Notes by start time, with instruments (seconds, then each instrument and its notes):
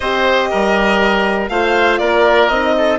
0.00 bassoon C4, horn G4, oboe C5, violin D#5
0.50 bassoon G3, oboe A#4
1.48 bassoon A3, horn F4, oboe C5, violin F5
1.98 bassoon A#3, oboe A#4, violin D5
2.48 bassoon C4, horn D#4, violin D#5
2.77 oboe A4